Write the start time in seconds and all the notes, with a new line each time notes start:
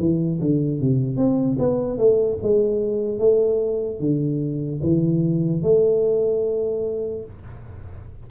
0.00 E3
0.41 D3
0.81 C3
1.17 C4
1.59 B3
1.98 A3
2.43 G#3
3.20 A3
4.00 D3
4.83 E3
5.63 A3